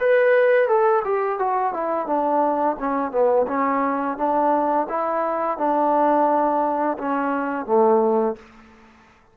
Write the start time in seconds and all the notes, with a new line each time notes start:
0.00 B4
0.68 A4
1.05 G4
1.40 F#4
1.73 E4
2.07 D4
2.80 C#4
3.12 B3
3.48 C#4
4.18 D4
4.89 E4
5.58 D4
6.99 C#4
7.66 A3